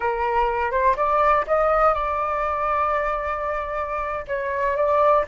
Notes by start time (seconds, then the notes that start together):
0.00 A#4
0.71 C5
0.96 D5
1.47 D#5
1.94 D5
4.27 C#5
4.76 D5